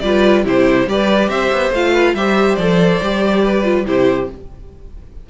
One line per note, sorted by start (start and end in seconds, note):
0.00 0.45 G3
0.00 0.44 F4
0.00 0.45 B4
0.00 0.43 D5
0.44 0.87 C3
0.44 0.87 E4
0.44 0.87 G4
0.44 0.89 C5
0.87 1.29 G3
0.87 1.74 G4
0.87 1.30 B4
0.87 1.29 D5
1.29 1.50 C4
1.29 1.93 C5
1.29 1.72 E5
1.52 1.71 B3
1.71 2.14 A3
1.71 2.17 F4
1.71 2.15 F5
1.93 2.14 B4
2.14 2.57 G3
2.14 2.60 G4
2.14 3.44 C5
2.14 2.56 E5
2.56 3.01 F3
2.56 3.02 A4
2.56 3.84 D5
3.01 3.86 G3
3.01 3.64 G4
3.44 3.87 B4
3.64 3.85 F4
3.86 4.29 C3
3.86 4.29 E4
3.86 4.30 G4
3.86 4.30 C5